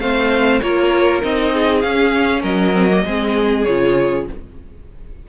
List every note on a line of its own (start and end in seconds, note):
0.00 0.61 A3
0.00 0.62 C4
0.00 0.62 C5
0.00 0.61 F5
0.61 1.23 A#3
0.61 1.22 F4
0.61 1.53 A#4
0.61 1.21 C#5
1.22 1.84 C4
1.22 1.82 D#4
1.22 1.81 D#5
1.53 2.41 G#4
1.81 2.43 C#4
1.81 2.73 C#4
1.81 2.42 F5
2.41 3.04 F#3
2.41 3.02 A#4
2.41 3.64 D#5
2.73 2.89 C4
2.90 3.05 A#3
3.05 3.66 G#3
3.05 3.66 C4
3.05 4.27 G#4
3.64 4.28 C#3
3.64 4.29 F4
3.64 4.25 C#5